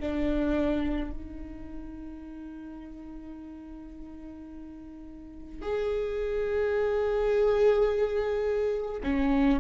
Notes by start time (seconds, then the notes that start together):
0.00 D4
1.12 D#4
5.62 G#4
9.04 C#4